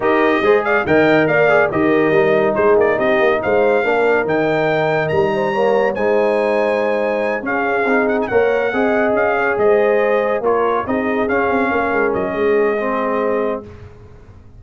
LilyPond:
<<
  \new Staff \with { instrumentName = "trumpet" } { \time 4/4 \tempo 4 = 141 dis''4. f''8 g''4 f''4 | dis''2 c''8 d''8 dis''4 | f''2 g''2 | ais''2 gis''2~ |
gis''4. f''4. fis''16 gis''16 fis''8~ | fis''4. f''4 dis''4.~ | dis''8 cis''4 dis''4 f''4.~ | f''8 dis''2.~ dis''8 | }
  \new Staff \with { instrumentName = "horn" } { \time 4/4 ais'4 c''8 d''8 dis''4 d''4 | ais'2 gis'4 g'4 | c''4 ais'2.~ | ais'8 c''8 cis''4 c''2~ |
c''4. gis'2 cis''8~ | cis''8 dis''4. cis''8 c''4.~ | c''8 ais'4 gis'2 ais'8~ | ais'4 gis'2. | }
  \new Staff \with { instrumentName = "trombone" } { \time 4/4 g'4 gis'4 ais'4. gis'8 | g'4 dis'2.~ | dis'4 d'4 dis'2~ | dis'4 ais4 dis'2~ |
dis'4. cis'4 dis'4 ais'8~ | ais'8 gis'2.~ gis'8~ | gis'8 f'4 dis'4 cis'4.~ | cis'2 c'2 | }
  \new Staff \with { instrumentName = "tuba" } { \time 4/4 dis'4 gis4 dis4 ais4 | dis4 g4 gis8 ais8 c'8 ais8 | gis4 ais4 dis2 | g2 gis2~ |
gis4. cis'4 c'4 ais8~ | ais8 c'4 cis'4 gis4.~ | gis8 ais4 c'4 cis'8 c'8 ais8 | gis8 fis8 gis2. | }
>>